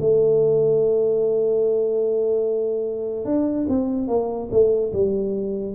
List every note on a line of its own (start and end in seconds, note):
0.00 3.25 A3
3.25 3.66 D4
3.68 4.08 C4
4.08 4.49 A#3
4.52 4.93 A3
4.93 5.75 G3